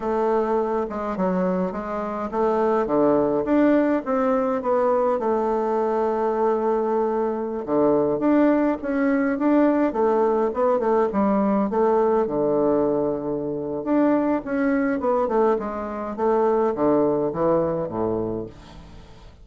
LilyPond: \new Staff \with { instrumentName = "bassoon" } { \time 4/4 \tempo 4 = 104 a4. gis8 fis4 gis4 | a4 d4 d'4 c'4 | b4 a2.~ | a4~ a16 d4 d'4 cis'8.~ |
cis'16 d'4 a4 b8 a8 g8.~ | g16 a4 d2~ d8. | d'4 cis'4 b8 a8 gis4 | a4 d4 e4 a,4 | }